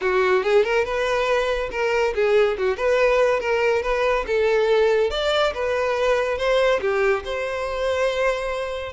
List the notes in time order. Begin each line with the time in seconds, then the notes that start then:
0.01 F#4
0.43 G#4
0.64 A#4
0.84 B4
1.71 A#4
2.14 G#4
2.58 F#4
2.76 B4
3.39 A#4
3.82 B4
4.26 A4
5.10 D5
5.53 B4
6.38 C5
6.81 G4
7.24 C5